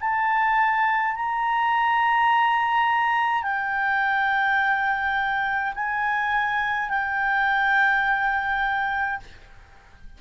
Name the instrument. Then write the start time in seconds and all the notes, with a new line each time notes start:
clarinet
0.00 A5
1.15 A#5
3.42 G5
5.74 G#5
6.89 G5